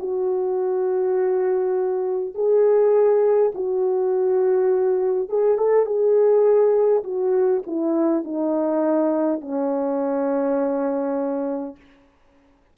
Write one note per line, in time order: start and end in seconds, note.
0.00 2.35 F#4
2.35 3.52 G#4
3.55 5.29 F#4
5.29 5.58 G#4
5.58 5.86 A4
5.86 7.04 G#4
7.04 7.63 F#4
7.67 8.25 E4
8.25 9.41 D#4
9.41 11.76 C#4